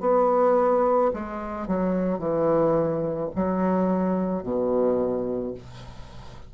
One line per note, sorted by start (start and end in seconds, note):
0.00 1.11 B3
1.13 1.67 G#3
1.67 2.19 F#3
2.19 3.30 E3
3.35 4.43 F#3
4.43 5.54 B2